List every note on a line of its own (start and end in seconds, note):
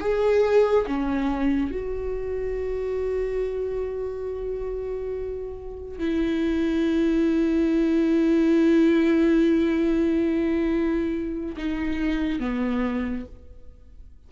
0.00 0.86 G#4
0.86 1.71 C#4
1.71 5.99 F#4
5.99 11.56 E4
11.57 12.39 D#4
12.39 13.25 B3